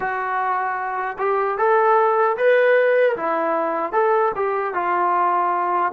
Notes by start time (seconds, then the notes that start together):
0.00 F#4
1.18 G4
1.58 A4
2.37 B4
3.16 E4
3.92 A4
4.35 G4
4.74 F4